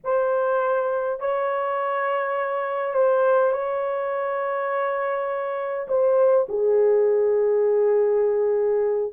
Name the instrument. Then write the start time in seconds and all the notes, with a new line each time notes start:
horn
0.03 C5
1.20 C#5
2.94 C5
3.52 C#5
5.88 C5
6.48 G#4